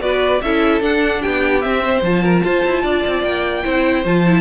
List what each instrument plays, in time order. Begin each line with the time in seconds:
0.00 cello B3, viola F#4, violin B4 D5
0.42 cello C#4, viola E4, violin A4 E5
0.82 cello D4, viola D4, violin F#5
1.22 cello B3, violin G4 G5
1.61 viola C4, cello C4, violin E5
1.84 violin C5
2.02 cello F3, viola F4, violin A5
2.23 violin A#4
2.44 cello F4, violin C5
2.65 cello E4
2.83 cello D4, violin D5
3.07 cello C4
3.23 cello A#3, violin G5
3.64 cello C4, viola E4, violin C5
4.05 cello F3, viola F4, violin A5
4.26 viola E4